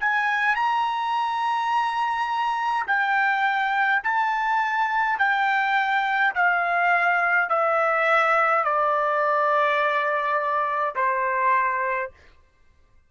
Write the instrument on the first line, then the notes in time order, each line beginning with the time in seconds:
trumpet
0.00 G#5
0.55 A#5
2.86 G5
4.03 A5
5.18 G5
6.34 F5
7.49 E5
8.64 D5
10.95 C5